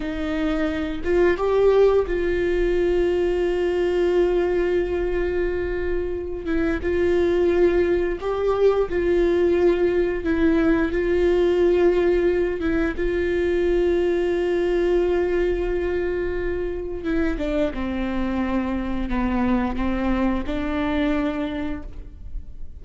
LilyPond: \new Staff \with { instrumentName = "viola" } { \time 4/4 \tempo 4 = 88 dis'4. f'8 g'4 f'4~ | f'1~ | f'4. e'8 f'2 | g'4 f'2 e'4 |
f'2~ f'8 e'8 f'4~ | f'1~ | f'4 e'8 d'8 c'2 | b4 c'4 d'2 | }